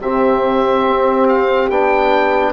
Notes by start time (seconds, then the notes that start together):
0.00 C3 C4 G4 E5
0.86 C4
1.28 F5
1.70 B3 D4 G5